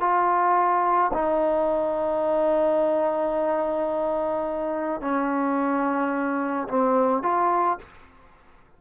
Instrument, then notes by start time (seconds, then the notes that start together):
trombone
0.00 F4
1.13 D#4
5.01 C#4
6.68 C4
7.22 F4